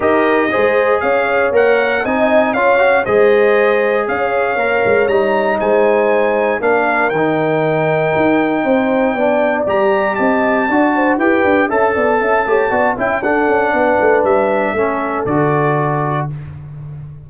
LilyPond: <<
  \new Staff \with { instrumentName = "trumpet" } { \time 4/4 \tempo 4 = 118 dis''2 f''4 fis''4 | gis''4 f''4 dis''2 | f''2 ais''4 gis''4~ | gis''4 f''4 g''2~ |
g''2. ais''4 | a''2 g''4 a''4~ | a''4. g''8 fis''2 | e''2 d''2 | }
  \new Staff \with { instrumentName = "horn" } { \time 4/4 ais'4 c''4 cis''2 | dis''4 cis''4 c''2 | cis''2. c''4~ | c''4 ais'2.~ |
ais'4 c''4 d''2 | dis''4 d''8 c''8 b'4 e''8 d''8 | e''8 cis''8 d''8 e''8 a'4 b'4~ | b'4 a'2. | }
  \new Staff \with { instrumentName = "trombone" } { \time 4/4 g'4 gis'2 ais'4 | dis'4 f'8 fis'8 gis'2~ | gis'4 ais'4 dis'2~ | dis'4 d'4 dis'2~ |
dis'2 d'4 g'4~ | g'4 fis'4 g'4 a'4~ | a'8 g'8 fis'8 e'8 d'2~ | d'4 cis'4 fis'2 | }
  \new Staff \with { instrumentName = "tuba" } { \time 4/4 dis'4 gis4 cis'4 ais4 | c'4 cis'4 gis2 | cis'4 ais8 gis8 g4 gis4~ | gis4 ais4 dis2 |
dis'4 c'4 b4 g4 | c'4 d'4 e'8 d'8 cis'8 b8 | cis'8 a8 b8 cis'8 d'8 cis'8 b8 a8 | g4 a4 d2 | }
>>